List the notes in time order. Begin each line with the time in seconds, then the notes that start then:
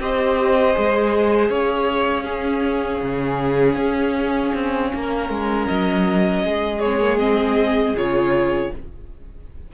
0.00 C4 G4 C5 D#5
0.74 G#3 G#4
1.50 C#4 C#5 F5
2.25 C#4 G#4
3.02 C#3
3.76 C#4
4.55 C4
4.95 A#3 A#4
5.30 G#3
5.68 F#3 D#5
6.44 G#3 G#4
6.80 C4 C#5
7.01 A#3
7.19 C4 D#5
7.95 C#3 F4 C#5